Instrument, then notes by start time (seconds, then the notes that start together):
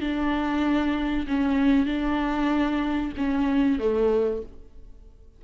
viola
0.00 D4
1.27 C#4
1.85 D4
3.17 C#4
3.79 A3